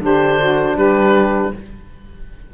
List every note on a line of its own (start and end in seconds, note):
0.00 0.76 D3
0.00 1.53 D4
0.00 0.40 G4
0.00 0.78 C5
0.40 0.77 F#4
0.76 1.52 G3
0.76 1.53 G4
0.76 1.54 B4